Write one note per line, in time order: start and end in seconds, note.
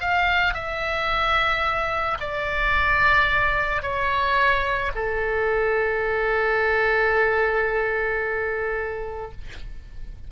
0.00 0.54 F5
0.54 2.18 E5
2.20 3.82 D5
3.82 4.91 C#5
4.95 9.31 A4